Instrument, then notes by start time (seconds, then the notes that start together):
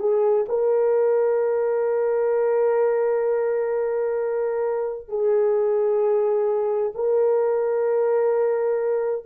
horn
0.00 G#4
0.49 A#4
5.09 G#4
6.95 A#4